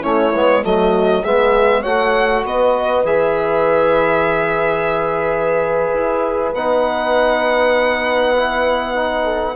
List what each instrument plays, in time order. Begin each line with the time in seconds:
0.00 bassoon A3, trombone C#4, horn E4, violin C#5
0.34 bassoon G#3, trombone B3
0.62 bassoon F#3, trombone A3, horn F#4, violin D#5
1.21 bassoon G#3, trombone B3, horn G#4, violin E5
1.81 bassoon A3, trombone F#4, horn C#5, violin F#5
2.44 bassoon B3, horn B4, violin D#5
3.04 bassoon E3, trombone G#4, violin E5
5.93 bassoon E4
6.53 bassoon B3, trombone D#4, violin F#5
8.36 trombone E4
8.95 trombone D#4
9.24 horn A4